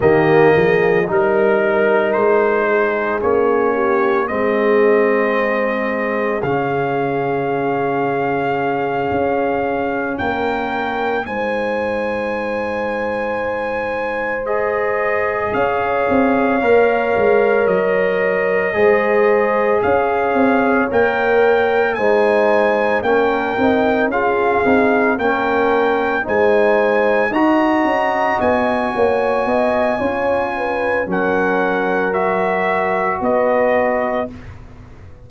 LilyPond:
<<
  \new Staff \with { instrumentName = "trumpet" } { \time 4/4 \tempo 4 = 56 dis''4 ais'4 c''4 cis''4 | dis''2 f''2~ | f''4. g''4 gis''4.~ | gis''4. dis''4 f''4.~ |
f''8 dis''2 f''4 g''8~ | g''8 gis''4 g''4 f''4 g''8~ | g''8 gis''4 ais''4 gis''4.~ | gis''4 fis''4 e''4 dis''4 | }
  \new Staff \with { instrumentName = "horn" } { \time 4/4 g'8 gis'8 ais'4. gis'4 g'8 | gis'1~ | gis'4. ais'4 c''4.~ | c''2~ c''8 cis''4.~ |
cis''4. c''4 cis''4.~ | cis''8 c''4 ais'4 gis'4 ais'8~ | ais'8 c''4 dis''4. cis''8 dis''8 | cis''8 b'8 ais'2 b'4 | }
  \new Staff \with { instrumentName = "trombone" } { \time 4/4 ais4 dis'2 cis'4 | c'2 cis'2~ | cis'2~ cis'8 dis'4.~ | dis'4. gis'2 ais'8~ |
ais'4. gis'2 ais'8~ | ais'8 dis'4 cis'8 dis'8 f'8 dis'8 cis'8~ | cis'8 dis'4 fis'2~ fis'8 | f'4 cis'4 fis'2 | }
  \new Staff \with { instrumentName = "tuba" } { \time 4/4 dis8 f8 g4 gis4 ais4 | gis2 cis2~ | cis8 cis'4 ais4 gis4.~ | gis2~ gis8 cis'8 c'8 ais8 |
gis8 fis4 gis4 cis'8 c'8 ais8~ | ais8 gis4 ais8 c'8 cis'8 c'8 ais8~ | ais8 gis4 dis'8 cis'8 b8 ais8 b8 | cis'4 fis2 b4 | }
>>